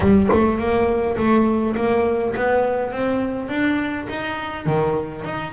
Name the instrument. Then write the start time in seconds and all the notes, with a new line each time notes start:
double bass
0.00 G3
0.32 A3
0.58 A#3
1.17 A3
1.76 A#3
2.35 B3
2.92 C4
3.48 D4
4.09 D#4
4.66 D#3
5.24 D#4